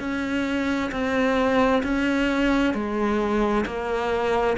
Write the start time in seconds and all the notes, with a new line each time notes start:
0.00 C#4
0.92 C4
1.83 C#4
2.74 G#3
3.66 A#3